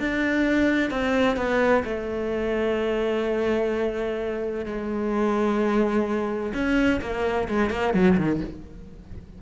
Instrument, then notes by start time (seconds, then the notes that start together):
cello
0.00 D4
0.91 C4
1.37 B3
1.84 A3
4.65 G#3
6.54 C#4
7.01 A#3
7.49 G#3
7.70 A#3
7.94 F#3
8.17 D#3